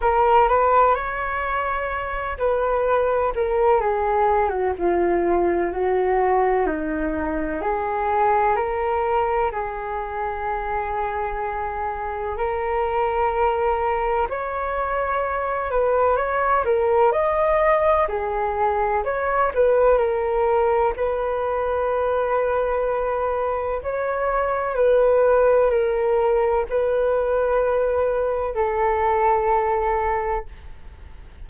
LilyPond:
\new Staff \with { instrumentName = "flute" } { \time 4/4 \tempo 4 = 63 ais'8 b'8 cis''4. b'4 ais'8 | gis'8. fis'16 f'4 fis'4 dis'4 | gis'4 ais'4 gis'2~ | gis'4 ais'2 cis''4~ |
cis''8 b'8 cis''8 ais'8 dis''4 gis'4 | cis''8 b'8 ais'4 b'2~ | b'4 cis''4 b'4 ais'4 | b'2 a'2 | }